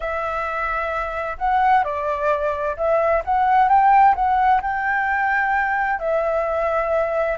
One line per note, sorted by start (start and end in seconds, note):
0.00 1.37 E5
1.37 1.84 F#5
1.84 2.76 D5
2.76 3.22 E5
3.24 3.68 F#5
3.68 4.14 G5
4.15 4.61 F#5
4.61 5.99 G5
5.99 7.37 E5